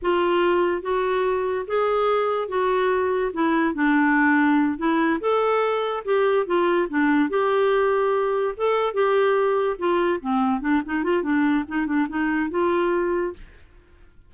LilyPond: \new Staff \with { instrumentName = "clarinet" } { \time 4/4 \tempo 4 = 144 f'2 fis'2 | gis'2 fis'2 | e'4 d'2~ d'8 e'8~ | e'8 a'2 g'4 f'8~ |
f'8 d'4 g'2~ g'8~ | g'8 a'4 g'2 f'8~ | f'8 c'4 d'8 dis'8 f'8 d'4 | dis'8 d'8 dis'4 f'2 | }